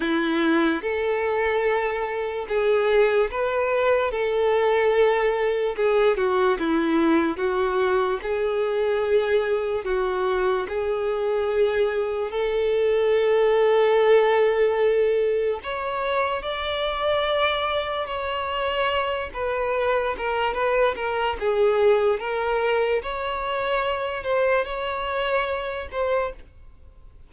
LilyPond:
\new Staff \with { instrumentName = "violin" } { \time 4/4 \tempo 4 = 73 e'4 a'2 gis'4 | b'4 a'2 gis'8 fis'8 | e'4 fis'4 gis'2 | fis'4 gis'2 a'4~ |
a'2. cis''4 | d''2 cis''4. b'8~ | b'8 ais'8 b'8 ais'8 gis'4 ais'4 | cis''4. c''8 cis''4. c''8 | }